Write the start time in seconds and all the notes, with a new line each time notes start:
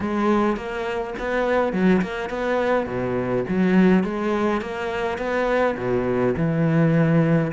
0.00 G#3
0.56 A#3
1.19 B3
1.72 F#3
2.01 A#3
2.29 B3
2.86 B2
3.48 F#3
4.03 G#3
4.61 A#3
5.18 B3
5.77 B2
6.36 E3